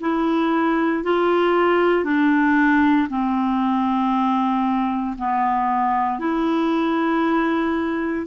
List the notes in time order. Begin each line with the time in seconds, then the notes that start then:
0.00 E4
1.03 F4
2.04 D4
3.09 C4
5.18 B3
6.19 E4